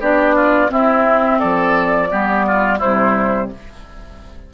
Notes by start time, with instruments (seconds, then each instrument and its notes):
0.00 bassoon B3, clarinet D4, oboe G4, flute D5
0.36 oboe F4
0.68 clarinet C4, bassoon C4, oboe E4, flute E5
1.39 bassoon F3, oboe A4, flute D5
2.11 bassoon G3, clarinet B3, oboe G4
2.47 oboe F4
2.78 bassoon C3, clarinet G3, oboe E4, flute C5